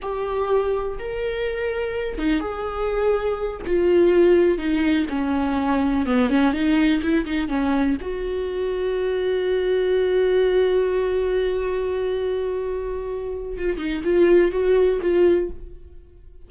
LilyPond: \new Staff \with { instrumentName = "viola" } { \time 4/4 \tempo 4 = 124 g'2 ais'2~ | ais'8 dis'8 gis'2~ gis'8 f'8~ | f'4. dis'4 cis'4.~ | cis'8 b8 cis'8 dis'4 e'8 dis'8 cis'8~ |
cis'8 fis'2.~ fis'8~ | fis'1~ | fis'1 | f'8 dis'8 f'4 fis'4 f'4 | }